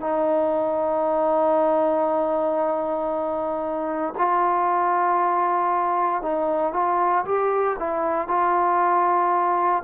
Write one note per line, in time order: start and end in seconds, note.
0.00 4.14 D#4
4.18 6.22 F4
6.22 6.73 D#4
6.73 7.25 F4
7.25 7.77 G4
7.79 8.28 E4
8.28 9.83 F4